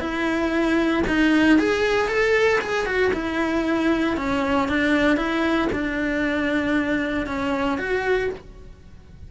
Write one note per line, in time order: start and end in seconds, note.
0.00 1.03 E4
1.07 1.59 D#4
1.59 2.08 G#4
2.08 2.60 A4
2.61 2.86 G#4
2.86 3.12 F#4
3.13 4.17 E4
4.17 4.69 C#4
4.69 5.17 D4
5.17 5.68 E4
5.72 7.26 D4
7.26 7.78 C#4
7.78 8.30 F#4